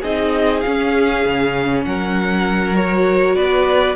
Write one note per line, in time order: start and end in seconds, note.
0.00 0.63 C4
0.00 0.64 D#4
0.00 1.82 G#4
0.00 0.60 D#5
0.60 1.25 C#4
0.60 2.74 C#4
0.60 1.81 F5
1.25 1.85 C#3
1.84 3.35 F#3
1.84 3.35 A#4
1.84 2.75 F#5
2.74 3.95 F#4
2.74 3.35 C#5
3.35 3.95 B3
3.35 3.95 B4
3.35 3.95 D5